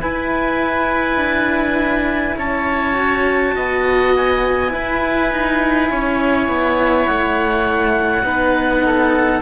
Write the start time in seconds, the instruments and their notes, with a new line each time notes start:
0.00 cello E4, oboe B4, clarinet G#5
1.16 cello D4
2.37 cello C#4, oboe C#5, clarinet A5
2.93 cello F#4
3.55 cello B3, oboe D#5
4.16 clarinet G#5
4.69 cello E4, oboe B4
5.31 cello D#4
5.90 cello C#4, oboe C#5
6.48 cello B3
7.06 cello A3, clarinet F#5
8.23 cello B3 D#4, oboe B4
8.85 oboe A4